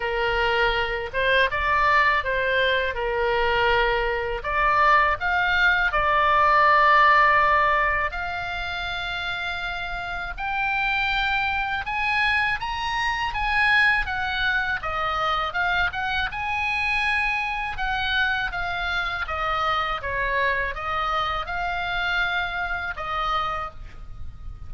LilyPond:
\new Staff \with { instrumentName = "oboe" } { \time 4/4 \tempo 4 = 81 ais'4. c''8 d''4 c''4 | ais'2 d''4 f''4 | d''2. f''4~ | f''2 g''2 |
gis''4 ais''4 gis''4 fis''4 | dis''4 f''8 fis''8 gis''2 | fis''4 f''4 dis''4 cis''4 | dis''4 f''2 dis''4 | }